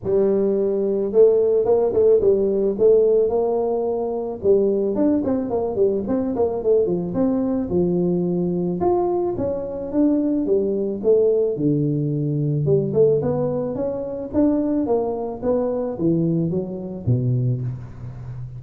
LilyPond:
\new Staff \with { instrumentName = "tuba" } { \time 4/4 \tempo 4 = 109 g2 a4 ais8 a8 | g4 a4 ais2 | g4 d'8 c'8 ais8 g8 c'8 ais8 | a8 f8 c'4 f2 |
f'4 cis'4 d'4 g4 | a4 d2 g8 a8 | b4 cis'4 d'4 ais4 | b4 e4 fis4 b,4 | }